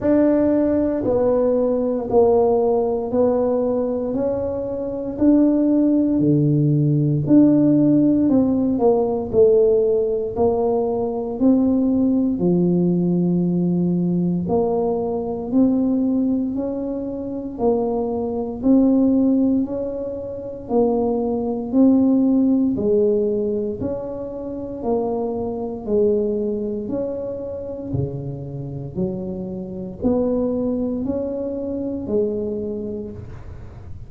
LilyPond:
\new Staff \with { instrumentName = "tuba" } { \time 4/4 \tempo 4 = 58 d'4 b4 ais4 b4 | cis'4 d'4 d4 d'4 | c'8 ais8 a4 ais4 c'4 | f2 ais4 c'4 |
cis'4 ais4 c'4 cis'4 | ais4 c'4 gis4 cis'4 | ais4 gis4 cis'4 cis4 | fis4 b4 cis'4 gis4 | }